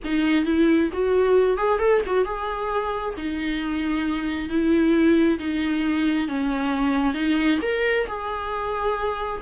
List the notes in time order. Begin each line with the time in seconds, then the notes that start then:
0.04 D#4
0.45 E4
0.92 F#4
1.57 G#4
1.78 A4
2.05 F#4
2.24 G#4
3.17 D#4
4.49 E4
5.38 D#4
6.28 C#4
7.14 D#4
7.62 A#4
8.07 G#4